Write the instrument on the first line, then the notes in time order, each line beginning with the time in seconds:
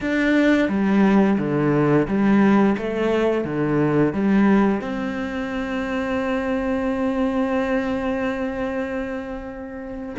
cello
0.01 D4
0.68 G3
1.38 D3
2.07 G3
2.77 A3
3.44 D3
4.13 G3
4.81 C4